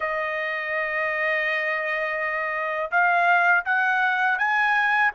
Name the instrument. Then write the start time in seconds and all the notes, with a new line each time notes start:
trumpet
0.00 D#5
2.91 F5
3.65 F#5
4.38 G#5